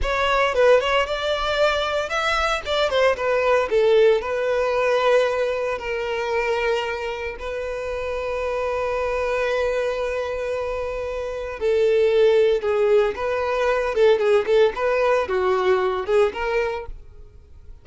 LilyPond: \new Staff \with { instrumentName = "violin" } { \time 4/4 \tempo 4 = 114 cis''4 b'8 cis''8 d''2 | e''4 d''8 c''8 b'4 a'4 | b'2. ais'4~ | ais'2 b'2~ |
b'1~ | b'2 a'2 | gis'4 b'4. a'8 gis'8 a'8 | b'4 fis'4. gis'8 ais'4 | }